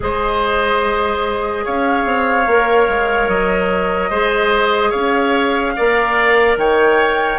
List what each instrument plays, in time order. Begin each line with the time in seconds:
0.00 bassoon G#3, clarinet G#4, oboe C5, flute D#5
1.65 bassoon C#4, oboe C#5, flute F5
2.05 bassoon C4
2.46 bassoon A#3, clarinet A#4
2.88 bassoon G#3
3.28 bassoon F#3, flute D#5
4.09 bassoon G#3, clarinet G#4, oboe C5
4.90 bassoon C#4, oboe C#5, flute F5
5.76 bassoon A#3, clarinet A#4, oboe D5
6.57 bassoon D#3, oboe C#5, flute G5